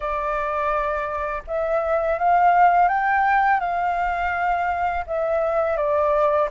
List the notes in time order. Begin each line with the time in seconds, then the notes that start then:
0.00 D5
1.47 E5
2.18 F5
2.88 G5
3.60 F5
5.06 E5
5.76 D5